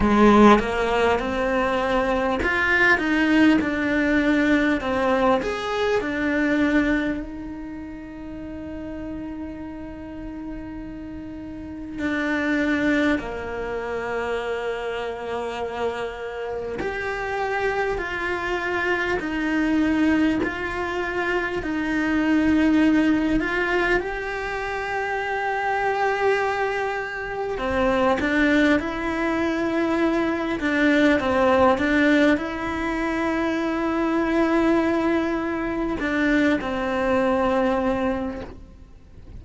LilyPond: \new Staff \with { instrumentName = "cello" } { \time 4/4 \tempo 4 = 50 gis8 ais8 c'4 f'8 dis'8 d'4 | c'8 gis'8 d'4 dis'2~ | dis'2 d'4 ais4~ | ais2 g'4 f'4 |
dis'4 f'4 dis'4. f'8 | g'2. c'8 d'8 | e'4. d'8 c'8 d'8 e'4~ | e'2 d'8 c'4. | }